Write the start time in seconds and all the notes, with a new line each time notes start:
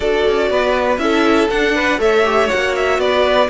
0.00 D4 F#4 A4 D5
0.27 C#4
0.50 B3 B4
0.97 C#4 E4 A4 E5
1.50 D4 F#5
1.75 B4
1.98 A3 A4 C#5 E5
2.24 G4
2.47 F#4 F#5
2.54 A#3
2.75 E5
2.98 B3 B4 D5